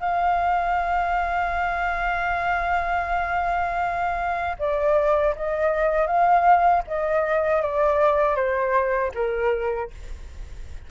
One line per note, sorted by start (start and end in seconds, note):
0.00 4.56 F5
4.59 5.35 D5
5.35 6.07 D#5
6.07 6.83 F5
6.87 7.62 D#5
7.62 8.35 D5
8.35 9.11 C5
9.14 9.90 A#4